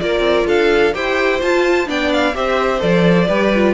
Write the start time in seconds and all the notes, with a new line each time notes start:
0.00 A#3 F4 A#4 D5
0.20 C4
0.47 D4 A4 F5
0.94 E4 G4 C5 G5
1.41 F4 A5
1.87 B3 D4 D5 G5
2.13 F5
2.35 C4 G4 C5 E5
2.80 F3 A4 D5
3.28 G3 G4 B4
3.55 F4